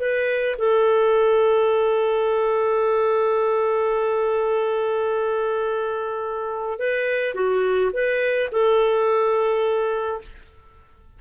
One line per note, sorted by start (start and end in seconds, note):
0.00 0.57 B4
0.58 6.79 A4
6.79 7.35 B4
7.35 7.92 F#4
7.93 8.50 B4
8.52 10.22 A4